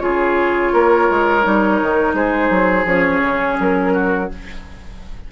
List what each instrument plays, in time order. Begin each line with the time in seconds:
0.00 bassoon C#3, clarinet F4, oboe G#4, flute C#5
0.73 bassoon A#3, oboe A#4
1.10 bassoon G#3
1.42 bassoon G3, clarinet D#4
1.82 bassoon D#3
2.14 bassoon G#3, oboe G#4, flute C5
2.51 bassoon F#3
2.85 bassoon F3, clarinet C#4, flute C#5
3.23 bassoon C#3
3.60 bassoon F#3, flute A#4
3.94 oboe F#4